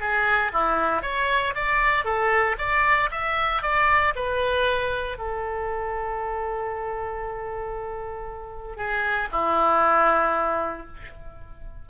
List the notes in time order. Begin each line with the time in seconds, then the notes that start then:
0.00 G#4
0.52 E4
1.02 C#5
1.55 D5
2.04 A4
2.58 D5
3.11 E5
3.62 D5
4.15 B4
5.17 A4
8.76 G#4
9.32 E4